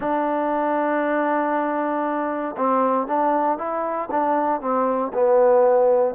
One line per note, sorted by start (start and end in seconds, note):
0.00 2.55 D4
2.57 3.07 C4
3.07 3.58 D4
3.58 4.09 E4
4.10 4.60 D4
4.60 5.11 C4
5.13 6.15 B3